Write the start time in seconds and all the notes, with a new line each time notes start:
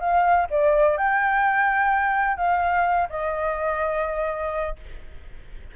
0.00 F5
0.50 D5
0.98 G5
2.37 F5
3.10 D#5